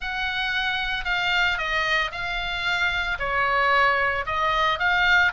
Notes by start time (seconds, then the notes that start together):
0.00 F#5
1.04 F5
1.58 D#5
2.11 F5
3.19 C#5
4.26 D#5
4.79 F5